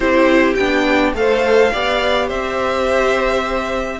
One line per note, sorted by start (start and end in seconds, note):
0.00 0.53 C4
0.00 0.56 E4
0.00 1.13 G4
0.00 0.54 C5
0.54 1.13 B3
0.54 1.15 D4
0.54 1.11 G5
1.13 1.70 A3
1.13 1.72 A4
1.13 1.72 C5
1.13 2.29 F5
1.72 2.29 B3
1.72 4.00 G4
1.72 2.27 D5
2.27 4.00 C4
2.27 3.99 C5
2.27 4.00 E5